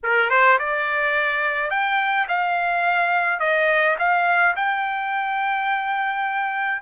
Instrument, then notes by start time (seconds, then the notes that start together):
trumpet
0.03 A#4
0.30 C5
0.58 D5
1.70 G5
2.28 F5
3.39 D#5
3.98 F5
4.55 G5